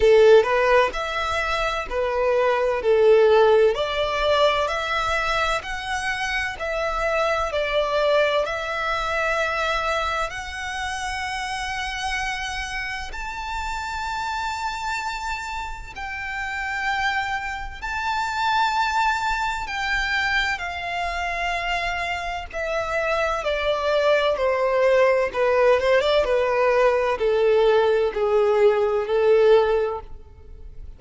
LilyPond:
\new Staff \with { instrumentName = "violin" } { \time 4/4 \tempo 4 = 64 a'8 b'8 e''4 b'4 a'4 | d''4 e''4 fis''4 e''4 | d''4 e''2 fis''4~ | fis''2 a''2~ |
a''4 g''2 a''4~ | a''4 g''4 f''2 | e''4 d''4 c''4 b'8 c''16 d''16 | b'4 a'4 gis'4 a'4 | }